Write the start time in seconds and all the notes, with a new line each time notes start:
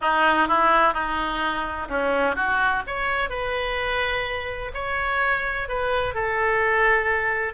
0.01 D#4
0.47 E4
0.93 D#4
1.88 C#4
2.35 F#4
2.86 C#5
3.29 B4
4.74 C#5
5.68 B4
6.14 A4